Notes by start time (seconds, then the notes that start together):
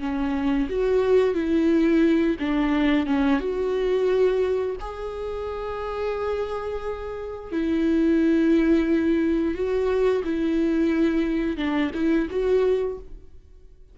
0.00 C#4
0.70 F#4
1.35 E4
2.40 D4
3.07 C#4
3.40 F#4
4.80 G#4
7.52 E4
9.55 F#4
10.25 E4
11.57 D4
11.94 E4
12.30 F#4